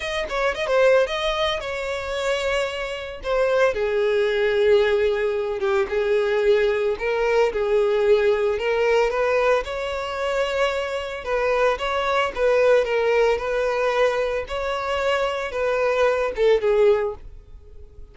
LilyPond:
\new Staff \with { instrumentName = "violin" } { \time 4/4 \tempo 4 = 112 dis''8 cis''8 dis''16 c''8. dis''4 cis''4~ | cis''2 c''4 gis'4~ | gis'2~ gis'8 g'8 gis'4~ | gis'4 ais'4 gis'2 |
ais'4 b'4 cis''2~ | cis''4 b'4 cis''4 b'4 | ais'4 b'2 cis''4~ | cis''4 b'4. a'8 gis'4 | }